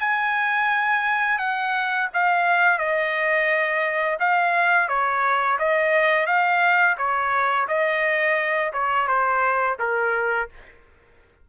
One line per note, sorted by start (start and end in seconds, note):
0.00 1.38 G#5
1.38 2.08 F#5
2.13 2.78 F5
2.78 4.18 D#5
4.20 4.88 F5
4.88 5.58 C#5
5.58 6.26 D#5
6.26 6.96 F5
6.97 7.67 C#5
7.68 8.72 D#5
8.72 9.07 C#5
9.07 9.77 C5
9.79 10.49 A#4